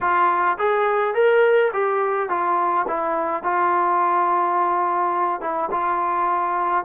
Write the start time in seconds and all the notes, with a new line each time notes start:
0.00 F4
0.58 G#4
1.14 A#4
1.73 G4
2.29 F4
2.87 E4
3.43 F4
5.41 E4
5.71 F4